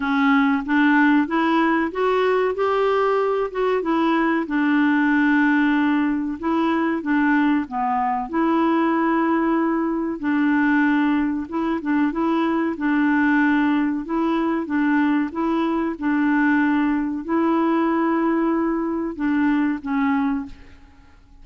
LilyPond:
\new Staff \with { instrumentName = "clarinet" } { \time 4/4 \tempo 4 = 94 cis'4 d'4 e'4 fis'4 | g'4. fis'8 e'4 d'4~ | d'2 e'4 d'4 | b4 e'2. |
d'2 e'8 d'8 e'4 | d'2 e'4 d'4 | e'4 d'2 e'4~ | e'2 d'4 cis'4 | }